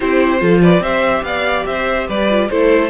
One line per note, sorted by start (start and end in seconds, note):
0.00 0.41 C4
0.00 0.39 E4
0.00 0.40 G4
0.00 0.61 C5
0.39 0.80 F3
0.39 0.80 F4
0.39 0.62 A4
0.62 0.82 B4
0.62 0.82 D5
0.80 1.21 C4
0.80 2.29 G4
0.80 1.24 C5
0.80 1.23 E5
1.22 1.64 B3
1.22 1.68 D5
1.22 1.65 F5
1.65 2.07 C4
1.65 2.07 C5
1.65 2.07 E5
2.07 2.50 G3
2.07 2.49 B4
2.07 2.49 D5
2.29 2.50 F4
2.49 2.89 A3
2.49 2.89 E4
2.49 2.89 A4
2.49 2.89 C5